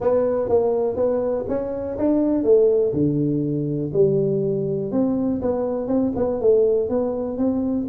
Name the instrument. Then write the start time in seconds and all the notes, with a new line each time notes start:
tuba
0.00 B3
0.48 A#3
0.95 B3
1.48 C#4
1.98 D4
2.43 A3
2.93 D3
3.93 G3
4.91 C4
5.41 B3
5.87 C4
6.16 B3
6.40 A3
6.89 B3
7.37 C4